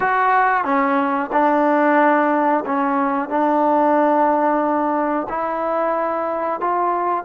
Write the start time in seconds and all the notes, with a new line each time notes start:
0.00 F#4
0.64 C#4
1.32 D4
2.65 C#4
3.29 D4
5.29 E4
6.60 F4